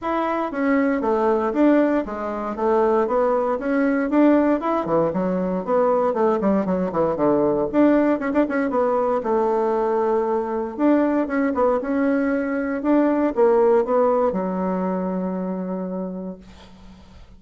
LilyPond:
\new Staff \with { instrumentName = "bassoon" } { \time 4/4 \tempo 4 = 117 e'4 cis'4 a4 d'4 | gis4 a4 b4 cis'4 | d'4 e'8 e8 fis4 b4 | a8 g8 fis8 e8 d4 d'4 |
cis'16 d'16 cis'8 b4 a2~ | a4 d'4 cis'8 b8 cis'4~ | cis'4 d'4 ais4 b4 | fis1 | }